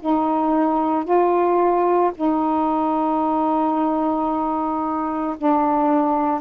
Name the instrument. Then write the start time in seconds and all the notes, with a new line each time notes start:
saxophone
0.00 D#4
1.04 F4
2.15 D#4
5.38 D4